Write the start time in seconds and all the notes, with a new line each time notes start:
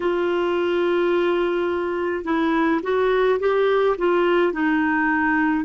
0.00 F4
2.24 E4
2.83 F#4
3.40 G4
3.97 F4
4.53 D#4